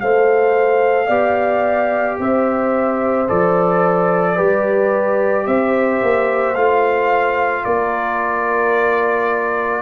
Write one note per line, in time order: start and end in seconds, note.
0.00 1.08 A3
0.00 1.08 A4
0.00 1.06 C5
0.00 2.18 F5
1.06 2.17 B3
1.06 3.27 G4
1.06 2.15 D5
2.19 3.28 C4
2.19 4.35 C5
2.19 3.28 E5
3.28 4.38 F3
3.28 4.37 A4
3.28 5.46 D5
4.35 5.47 G3
4.35 6.55 G4
4.35 5.44 B4
5.46 6.01 C4
5.46 7.65 C5
5.46 6.55 E5
6.02 6.56 A#3
6.55 7.65 A3
6.55 9.82 F4
6.55 7.64 F5
7.64 9.82 A#3
7.64 9.82 A#4
7.64 9.82 D5